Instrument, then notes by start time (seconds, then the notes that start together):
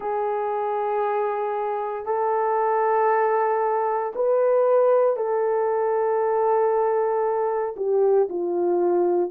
horn
0.00 G#4
2.05 A4
4.15 B4
5.16 A4
7.76 G4
8.29 F4